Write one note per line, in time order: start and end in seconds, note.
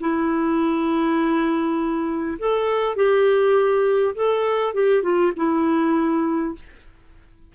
0.00 2.38 E4
2.38 2.96 A4
2.96 4.14 G4
4.15 4.74 A4
4.74 5.03 G4
5.03 5.32 F4
5.36 6.55 E4